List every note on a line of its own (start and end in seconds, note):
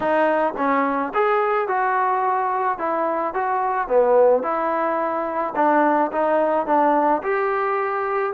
0.00 0.53 D#4
0.57 1.12 C#4
1.14 1.67 G#4
1.67 2.78 F#4
2.78 3.33 E4
3.33 3.88 F#4
3.88 4.42 B3
4.42 5.54 E4
5.55 6.11 D4
6.12 6.66 D#4
6.66 7.22 D4
7.22 8.33 G4